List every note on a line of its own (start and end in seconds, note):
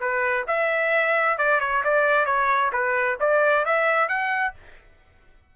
0.00 0.45 B4
0.47 1.38 E5
1.38 1.60 D5
1.60 1.83 C#5
1.84 2.26 D5
2.26 2.71 C#5
2.73 3.18 B4
3.20 3.65 D5
3.65 4.08 E5
4.08 4.54 F#5